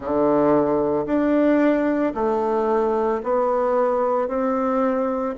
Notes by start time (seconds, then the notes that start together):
0.00 D3
1.06 D4
2.14 A3
3.23 B3
4.28 C4